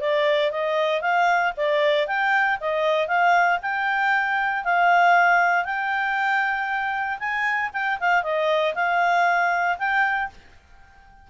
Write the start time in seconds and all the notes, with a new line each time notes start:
0.00 D5
0.51 D#5
1.01 F5
1.56 D5
2.07 G5
2.60 D#5
3.07 F5
3.62 G5
4.64 F5
5.64 G5
7.19 G#5
7.73 G5
8.00 F5
8.23 D#5
8.74 F5
9.78 G5